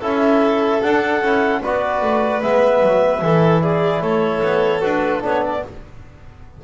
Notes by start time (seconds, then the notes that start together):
0.00 C#4 E4 A4 E5
0.82 D4 F#5
1.22 C#4 E4
1.62 B3 F#4 B4 D5
2.02 A3
2.42 G#3 B3 E5
2.83 F#3
3.22 E3 E4 A4
3.62 G#4 D5
4.02 A3 A4 C#5
4.42 B3
4.81 D4 F#4 B4
5.21 B3 D4 C#5
5.43 D5